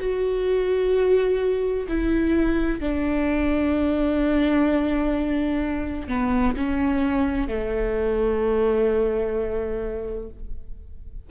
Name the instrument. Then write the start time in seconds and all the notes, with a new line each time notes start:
viola
0.00 F#4
1.88 E4
2.80 D4
6.09 B3
6.57 C#4
7.49 A3